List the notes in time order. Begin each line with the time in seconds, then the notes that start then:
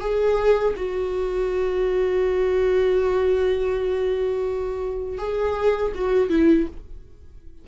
0.00 G#4
0.76 F#4
5.18 G#4
5.94 F#4
6.29 E4